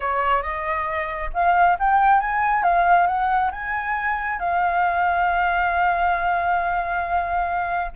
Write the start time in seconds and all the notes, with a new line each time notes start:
0.00 C#5
0.42 D#5
1.33 F5
1.79 G5
2.20 G#5
2.63 F5
3.06 F#5
3.51 G#5
4.39 F5